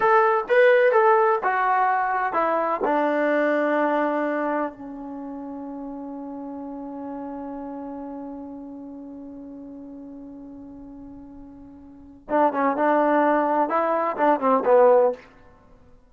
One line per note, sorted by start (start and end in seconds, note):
0.00 0.44 A4
0.48 0.92 B4
0.92 1.39 A4
1.43 2.33 F#4
2.33 2.80 E4
2.84 4.72 D4
4.72 12.28 C#4
12.29 12.52 D4
12.52 12.76 C#4
12.76 13.69 D4
13.69 14.16 E4
14.16 14.40 D4
14.40 14.63 C4
14.65 15.12 B3